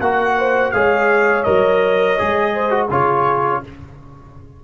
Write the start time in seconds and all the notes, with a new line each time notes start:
0.00 A#3 F#4 A#4 F#5
0.38 C5
0.71 G#3 G#4 C#5 F5
1.43 F#3 A#4 D#5
2.18 G#3 G#4
2.54 C5
2.70 F#4
2.89 C#3 F4 G#4 C#5